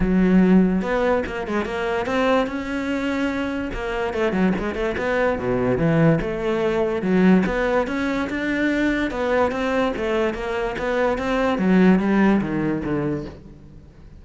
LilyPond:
\new Staff \with { instrumentName = "cello" } { \time 4/4 \tempo 4 = 145 fis2 b4 ais8 gis8 | ais4 c'4 cis'2~ | cis'4 ais4 a8 fis8 gis8 a8 | b4 b,4 e4 a4~ |
a4 fis4 b4 cis'4 | d'2 b4 c'4 | a4 ais4 b4 c'4 | fis4 g4 dis4 d4 | }